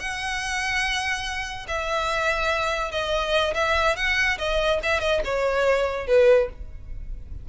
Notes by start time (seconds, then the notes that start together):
0.00 F#5
1.68 E5
2.91 D#5
3.54 E5
3.96 F#5
4.38 D#5
4.83 E5
5.00 D#5
5.24 C#5
6.07 B4